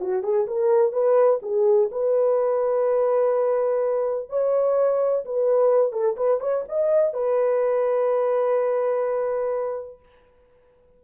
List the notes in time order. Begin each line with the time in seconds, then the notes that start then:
0.00 F#4
0.23 G#4
0.47 A#4
0.92 B4
1.42 G#4
1.91 B4
4.29 C#5
5.25 B4
5.92 A4
6.16 B4
6.40 C#5
6.68 D#5
7.13 B4